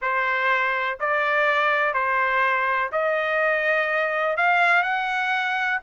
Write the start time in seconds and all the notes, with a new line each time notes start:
0.01 C5
0.99 D5
1.93 C5
2.92 D#5
4.37 F5
4.82 F#5